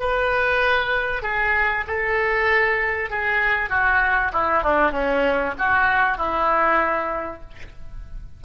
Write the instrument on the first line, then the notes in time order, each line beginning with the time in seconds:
oboe
0.00 B4
1.22 G#4
1.87 A4
3.10 G#4
3.69 F#4
4.32 E4
4.63 D4
4.92 C#4
5.58 F#4
6.17 E4